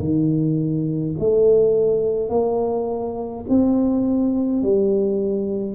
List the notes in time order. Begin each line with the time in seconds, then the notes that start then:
0.00 D#3
1.20 A3
2.30 A#3
3.49 C4
4.63 G3